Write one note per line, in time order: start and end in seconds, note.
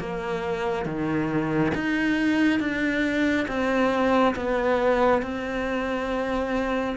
0.00 0.86 A#3
0.86 1.73 D#3
1.75 2.60 D#4
2.60 3.47 D4
3.48 4.35 C4
4.36 5.23 B3
5.23 6.96 C4